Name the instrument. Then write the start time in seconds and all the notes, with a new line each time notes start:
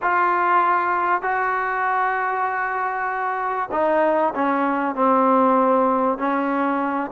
trombone
0.02 F4
1.21 F#4
3.71 D#4
4.34 C#4
4.95 C4
6.17 C#4